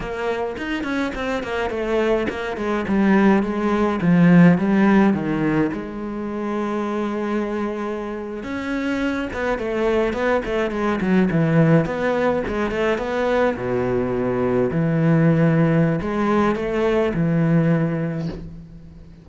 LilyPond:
\new Staff \with { instrumentName = "cello" } { \time 4/4 \tempo 4 = 105 ais4 dis'8 cis'8 c'8 ais8 a4 | ais8 gis8 g4 gis4 f4 | g4 dis4 gis2~ | gis2~ gis8. cis'4~ cis'16~ |
cis'16 b8 a4 b8 a8 gis8 fis8 e16~ | e8. b4 gis8 a8 b4 b,16~ | b,4.~ b,16 e2~ e16 | gis4 a4 e2 | }